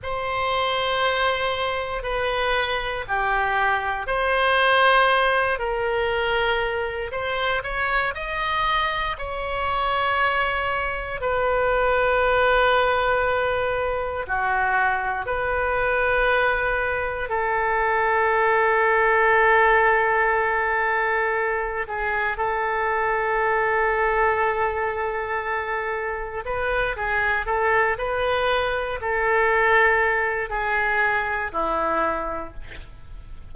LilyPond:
\new Staff \with { instrumentName = "oboe" } { \time 4/4 \tempo 4 = 59 c''2 b'4 g'4 | c''4. ais'4. c''8 cis''8 | dis''4 cis''2 b'4~ | b'2 fis'4 b'4~ |
b'4 a'2.~ | a'4. gis'8 a'2~ | a'2 b'8 gis'8 a'8 b'8~ | b'8 a'4. gis'4 e'4 | }